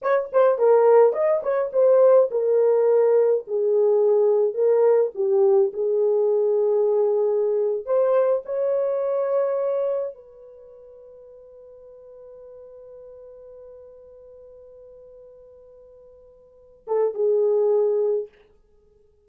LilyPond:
\new Staff \with { instrumentName = "horn" } { \time 4/4 \tempo 4 = 105 cis''8 c''8 ais'4 dis''8 cis''8 c''4 | ais'2 gis'2 | ais'4 g'4 gis'2~ | gis'4.~ gis'16 c''4 cis''4~ cis''16~ |
cis''4.~ cis''16 b'2~ b'16~ | b'1~ | b'1~ | b'4. a'8 gis'2 | }